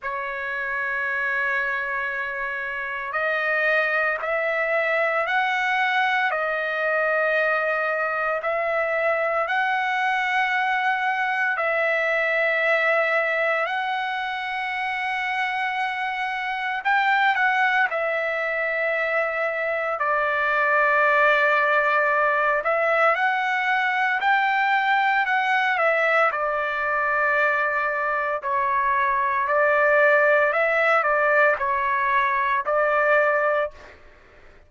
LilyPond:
\new Staff \with { instrumentName = "trumpet" } { \time 4/4 \tempo 4 = 57 cis''2. dis''4 | e''4 fis''4 dis''2 | e''4 fis''2 e''4~ | e''4 fis''2. |
g''8 fis''8 e''2 d''4~ | d''4. e''8 fis''4 g''4 | fis''8 e''8 d''2 cis''4 | d''4 e''8 d''8 cis''4 d''4 | }